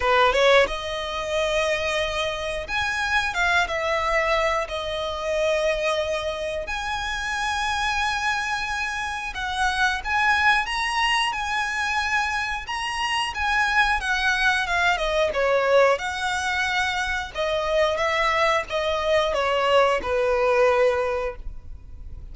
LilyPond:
\new Staff \with { instrumentName = "violin" } { \time 4/4 \tempo 4 = 90 b'8 cis''8 dis''2. | gis''4 f''8 e''4. dis''4~ | dis''2 gis''2~ | gis''2 fis''4 gis''4 |
ais''4 gis''2 ais''4 | gis''4 fis''4 f''8 dis''8 cis''4 | fis''2 dis''4 e''4 | dis''4 cis''4 b'2 | }